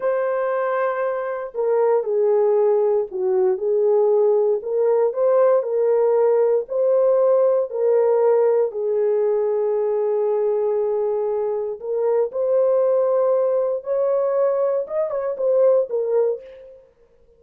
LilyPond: \new Staff \with { instrumentName = "horn" } { \time 4/4 \tempo 4 = 117 c''2. ais'4 | gis'2 fis'4 gis'4~ | gis'4 ais'4 c''4 ais'4~ | ais'4 c''2 ais'4~ |
ais'4 gis'2.~ | gis'2. ais'4 | c''2. cis''4~ | cis''4 dis''8 cis''8 c''4 ais'4 | }